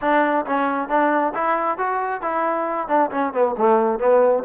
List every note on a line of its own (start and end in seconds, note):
0.01 0.45 D4
0.45 0.88 C#4
0.88 1.33 D4
1.34 1.78 E4
1.78 2.21 F#4
2.21 2.88 E4
2.88 3.10 D4
3.11 3.33 C#4
3.33 3.55 B3
3.57 3.99 A3
3.99 4.43 B3